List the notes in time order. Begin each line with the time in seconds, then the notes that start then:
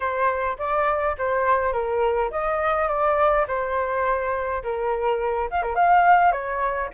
0.00 C5
0.58 D5
1.17 C5
1.73 A#4
2.31 D#5
2.88 D5
3.47 C5
4.63 A#4
5.50 F5
5.62 A#4
5.75 F5
6.31 C#5